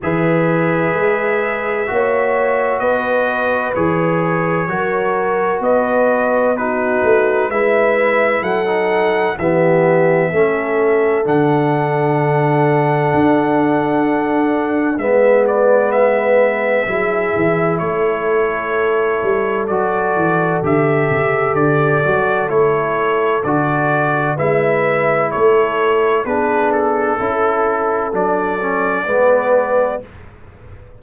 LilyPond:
<<
  \new Staff \with { instrumentName = "trumpet" } { \time 4/4 \tempo 4 = 64 e''2. dis''4 | cis''2 dis''4 b'4 | e''4 fis''4 e''2 | fis''1 |
e''8 d''8 e''2 cis''4~ | cis''4 d''4 e''4 d''4 | cis''4 d''4 e''4 cis''4 | b'8 a'4. d''2 | }
  \new Staff \with { instrumentName = "horn" } { \time 4/4 b'2 cis''4 b'4~ | b'4 ais'4 b'4 fis'4 | b'4 a'4 g'4 a'4~ | a'1 |
b'2 gis'4 a'4~ | a'1~ | a'2 b'4 a'4 | gis'4 a'2 b'4 | }
  \new Staff \with { instrumentName = "trombone" } { \time 4/4 gis'2 fis'2 | gis'4 fis'2 dis'4 | e'4~ e'16 dis'8. b4 cis'4 | d'1 |
b2 e'2~ | e'4 fis'4 g'4. fis'8 | e'4 fis'4 e'2 | d'4 e'4 d'8 cis'8 b4 | }
  \new Staff \with { instrumentName = "tuba" } { \time 4/4 e4 gis4 ais4 b4 | e4 fis4 b4. a8 | gis4 fis4 e4 a4 | d2 d'2 |
gis2 fis8 e8 a4~ | a8 g8 fis8 e8 d8 cis8 d8 fis8 | a4 d4 gis4 a4 | b4 cis'4 fis4 gis4 | }
>>